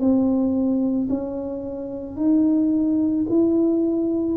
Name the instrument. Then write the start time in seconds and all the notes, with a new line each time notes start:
tuba
0.00 C4
1.10 C#4
2.17 D#4
3.30 E4